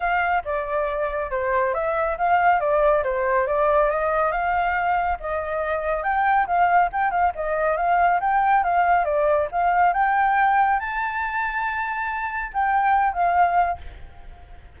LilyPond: \new Staff \with { instrumentName = "flute" } { \time 4/4 \tempo 4 = 139 f''4 d''2 c''4 | e''4 f''4 d''4 c''4 | d''4 dis''4 f''2 | dis''2 g''4 f''4 |
g''8 f''8 dis''4 f''4 g''4 | f''4 d''4 f''4 g''4~ | g''4 a''2.~ | a''4 g''4. f''4. | }